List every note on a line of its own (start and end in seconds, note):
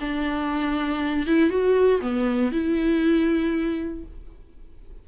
0.00 1.26 D4
1.26 1.49 E4
1.49 2.00 F#4
2.01 2.51 B3
2.51 4.04 E4